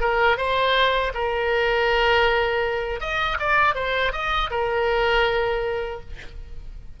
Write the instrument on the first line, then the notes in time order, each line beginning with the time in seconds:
oboe
0.00 A#4
0.37 C5
1.14 A#4
3.00 D#5
3.39 D5
3.75 C5
4.12 D#5
4.50 A#4